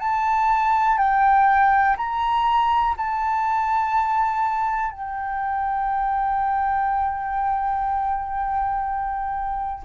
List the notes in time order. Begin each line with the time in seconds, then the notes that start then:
0.00 A5
0.98 G5
1.97 A#5
2.97 A5
4.91 G5